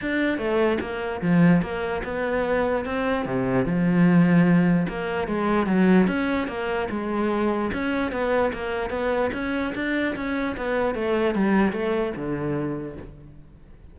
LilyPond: \new Staff \with { instrumentName = "cello" } { \time 4/4 \tempo 4 = 148 d'4 a4 ais4 f4 | ais4 b2 c'4 | c4 f2. | ais4 gis4 fis4 cis'4 |
ais4 gis2 cis'4 | b4 ais4 b4 cis'4 | d'4 cis'4 b4 a4 | g4 a4 d2 | }